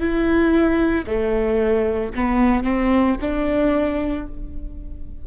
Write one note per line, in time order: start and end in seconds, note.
0.00 1.05 E4
1.07 2.12 A3
2.15 2.63 B3
2.63 3.16 C4
3.21 4.26 D4